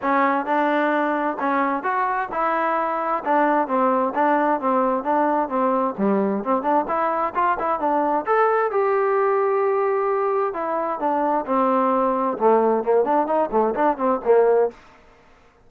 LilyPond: \new Staff \with { instrumentName = "trombone" } { \time 4/4 \tempo 4 = 131 cis'4 d'2 cis'4 | fis'4 e'2 d'4 | c'4 d'4 c'4 d'4 | c'4 g4 c'8 d'8 e'4 |
f'8 e'8 d'4 a'4 g'4~ | g'2. e'4 | d'4 c'2 a4 | ais8 d'8 dis'8 a8 d'8 c'8 ais4 | }